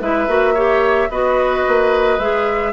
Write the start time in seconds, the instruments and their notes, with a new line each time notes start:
0.00 bassoon G#3, clarinet E4, oboe B4, flute E5
0.27 bassoon A#3, clarinet F#4
0.54 clarinet G4, oboe C#5
1.09 bassoon B3, clarinet F#4, oboe B4, flute D#5
1.67 bassoon A#3
2.18 bassoon G#3, clarinet G#4, flute E5